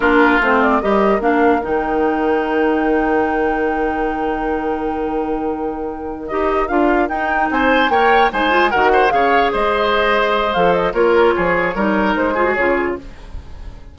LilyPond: <<
  \new Staff \with { instrumentName = "flute" } { \time 4/4 \tempo 4 = 148 ais'4 c''8 d''8 dis''4 f''4 | g''1~ | g''1~ | g''2.~ g''8 dis''8~ |
dis''8 f''4 g''4 gis''4 g''8~ | g''8 gis''4 fis''4 f''4 dis''8~ | dis''2 f''8 dis''8 cis''4~ | cis''2 c''4 cis''4 | }
  \new Staff \with { instrumentName = "oboe" } { \time 4/4 f'2 ais'2~ | ais'1~ | ais'1~ | ais'1~ |
ais'2~ ais'8 c''4 cis''8~ | cis''8 c''4 ais'8 c''8 cis''4 c''8~ | c''2. ais'4 | gis'4 ais'4. gis'4. | }
  \new Staff \with { instrumentName = "clarinet" } { \time 4/4 d'4 c'4 g'4 d'4 | dis'1~ | dis'1~ | dis'2.~ dis'8 g'8~ |
g'8 f'4 dis'2 ais'8~ | ais'8 dis'8 f'8 fis'4 gis'4.~ | gis'2 a'4 f'4~ | f'4 dis'4. f'16 fis'16 f'4 | }
  \new Staff \with { instrumentName = "bassoon" } { \time 4/4 ais4 a4 g4 ais4 | dis1~ | dis1~ | dis2.~ dis8 dis'8~ |
dis'8 d'4 dis'4 c'4 ais8~ | ais8 gis4 dis4 cis4 gis8~ | gis2 f4 ais4 | f4 g4 gis4 cis4 | }
>>